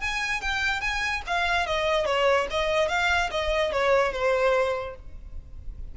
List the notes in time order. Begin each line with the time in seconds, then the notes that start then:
0.00 G#5
0.41 G5
0.80 G#5
1.27 F5
1.66 D#5
2.05 C#5
2.50 D#5
2.88 F5
3.30 D#5
3.72 C#5
4.12 C5